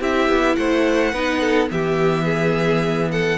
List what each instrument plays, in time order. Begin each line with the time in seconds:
0.00 cello C4, viola E4, violin G4 E5
0.29 cello B3
0.56 cello A3, violin C5 F#5
1.13 cello B3, viola D#4, violin B4
1.41 violin A4
1.68 cello E3, viola B3, violin G4 E5
2.25 violin G#4
3.11 violin A4 F#5